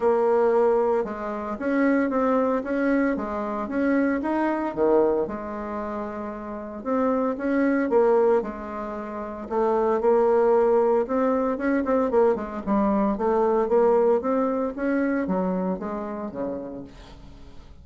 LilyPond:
\new Staff \with { instrumentName = "bassoon" } { \time 4/4 \tempo 4 = 114 ais2 gis4 cis'4 | c'4 cis'4 gis4 cis'4 | dis'4 dis4 gis2~ | gis4 c'4 cis'4 ais4 |
gis2 a4 ais4~ | ais4 c'4 cis'8 c'8 ais8 gis8 | g4 a4 ais4 c'4 | cis'4 fis4 gis4 cis4 | }